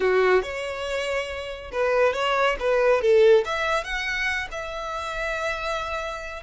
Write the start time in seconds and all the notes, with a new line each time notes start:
0.00 F#4
0.42 C#5
1.72 B4
2.13 C#5
2.59 B4
3.01 A4
3.45 E5
3.84 F#5
4.51 E5